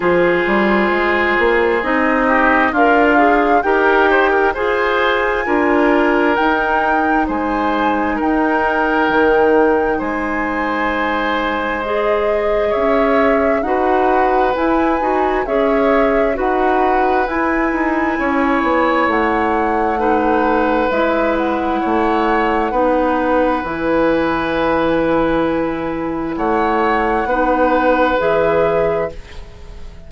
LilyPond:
<<
  \new Staff \with { instrumentName = "flute" } { \time 4/4 \tempo 4 = 66 c''2 dis''4 f''4 | g''4 gis''2 g''4 | gis''4 g''2 gis''4~ | gis''4 dis''4 e''4 fis''4 |
gis''4 e''4 fis''4 gis''4~ | gis''4 fis''2 e''8 fis''8~ | fis''2 gis''2~ | gis''4 fis''2 e''4 | }
  \new Staff \with { instrumentName = "oboe" } { \time 4/4 gis'2~ gis'8 g'8 f'4 | ais'8 c''16 ais'16 c''4 ais'2 | c''4 ais'2 c''4~ | c''2 cis''4 b'4~ |
b'4 cis''4 b'2 | cis''2 b'2 | cis''4 b'2.~ | b'4 cis''4 b'2 | }
  \new Staff \with { instrumentName = "clarinet" } { \time 4/4 f'2 dis'4 ais'8 gis'8 | g'4 gis'4 f'4 dis'4~ | dis'1~ | dis'4 gis'2 fis'4 |
e'8 fis'8 gis'4 fis'4 e'4~ | e'2 dis'4 e'4~ | e'4 dis'4 e'2~ | e'2 dis'4 gis'4 | }
  \new Staff \with { instrumentName = "bassoon" } { \time 4/4 f8 g8 gis8 ais8 c'4 d'4 | dis'4 f'4 d'4 dis'4 | gis4 dis'4 dis4 gis4~ | gis2 cis'4 dis'4 |
e'8 dis'8 cis'4 dis'4 e'8 dis'8 | cis'8 b8 a2 gis4 | a4 b4 e2~ | e4 a4 b4 e4 | }
>>